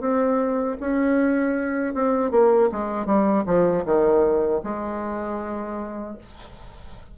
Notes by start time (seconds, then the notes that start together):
0.00 C4
0.80 C#4
1.94 C4
2.31 A#3
2.72 G#3
3.06 G3
3.46 F3
3.85 D#3
4.63 G#3